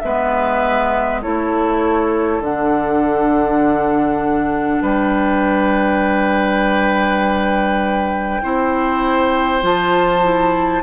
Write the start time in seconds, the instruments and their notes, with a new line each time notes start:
0.00 bassoon G#3, clarinet B3, oboe B4, flute E5
1.22 bassoon A3, clarinet E4, oboe A4, flute C#5
2.40 bassoon D3, clarinet D4, flute F#5
4.82 bassoon G3, oboe B4, flute G5
8.43 bassoon C4, clarinet E4, oboe C5
9.62 bassoon F3, clarinet F4, flute A5
10.23 clarinet E4